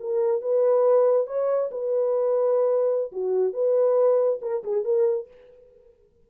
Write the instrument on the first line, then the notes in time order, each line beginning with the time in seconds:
horn
0.00 A#4
0.42 B4
1.27 C#5
1.71 B4
3.12 F#4
3.53 B4
4.42 A#4
4.64 G#4
4.85 A#4